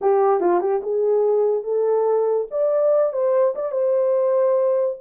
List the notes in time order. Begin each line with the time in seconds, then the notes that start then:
0.01 G4
0.40 F4
0.60 G4
0.82 G#4
1.63 A4
2.50 D5
3.12 C5
3.55 D5
3.71 C5